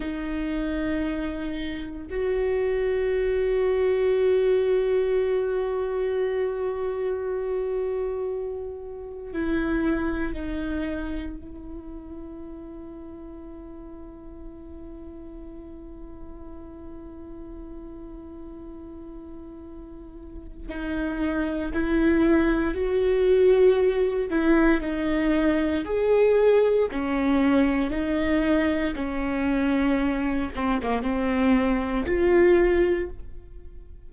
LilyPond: \new Staff \with { instrumentName = "viola" } { \time 4/4 \tempo 4 = 58 dis'2 fis'2~ | fis'1~ | fis'4 e'4 dis'4 e'4~ | e'1~ |
e'1 | dis'4 e'4 fis'4. e'8 | dis'4 gis'4 cis'4 dis'4 | cis'4. c'16 ais16 c'4 f'4 | }